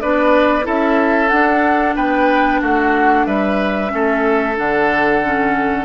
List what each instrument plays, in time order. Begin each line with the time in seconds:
0.00 bassoon B3, clarinet D4, oboe B4, flute D5
0.62 bassoon C#4, clarinet E4, oboe A4, flute E5
1.28 bassoon D4, clarinet D4, flute F#5
1.95 bassoon B3, oboe B4, flute G5
2.61 bassoon A3, oboe F#4, flute F#5
3.25 bassoon G3, oboe B4, flute E5
3.88 bassoon A3, clarinet C#4, oboe A4
4.56 bassoon D3, clarinet D4, flute F#5
5.24 clarinet C#4